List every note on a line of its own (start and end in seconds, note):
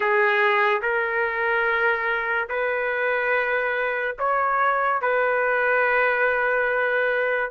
0.00 0.81 G#4
0.81 2.48 A#4
2.49 4.16 B4
4.18 5.01 C#5
5.01 7.50 B4